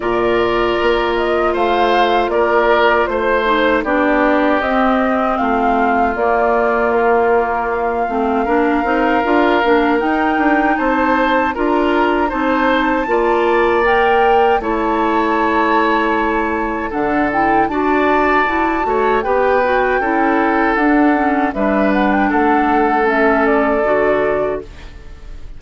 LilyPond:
<<
  \new Staff \with { instrumentName = "flute" } { \time 4/4 \tempo 4 = 78 d''4. dis''8 f''4 d''4 | c''4 d''4 dis''4 f''4 | d''4 ais'4 f''2~ | f''4 g''4 a''4 ais''4 |
a''2 g''4 a''4~ | a''2 fis''8 g''8 a''4~ | a''4 g''2 fis''4 | e''8 fis''16 g''16 fis''4 e''8 d''4. | }
  \new Staff \with { instrumentName = "oboe" } { \time 4/4 ais'2 c''4 ais'4 | c''4 g'2 f'4~ | f'2. ais'4~ | ais'2 c''4 ais'4 |
c''4 d''2 cis''4~ | cis''2 a'4 d''4~ | d''8 cis''8 b'4 a'2 | b'4 a'2. | }
  \new Staff \with { instrumentName = "clarinet" } { \time 4/4 f'1~ | f'8 dis'8 d'4 c'2 | ais2~ ais8 c'8 d'8 dis'8 | f'8 d'8 dis'2 f'4 |
dis'4 f'4 ais'4 e'4~ | e'2 d'8 e'8 fis'4 | e'8 fis'8 g'8 fis'8 e'4 d'8 cis'8 | d'2 cis'4 fis'4 | }
  \new Staff \with { instrumentName = "bassoon" } { \time 4/4 ais,4 ais4 a4 ais4 | a4 b4 c'4 a4 | ais2~ ais8 a8 ais8 c'8 | d'8 ais8 dis'8 d'8 c'4 d'4 |
c'4 ais2 a4~ | a2 d4 d'4 | fis'8 a8 b4 cis'4 d'4 | g4 a2 d4 | }
>>